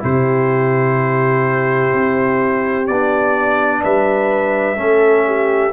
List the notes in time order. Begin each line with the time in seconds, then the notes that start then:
0.00 C3 E4 G4 C5
1.94 C4
2.87 B3 D4 D5
3.83 G3 B4 E5
4.77 A3 C#4 A4
5.27 G4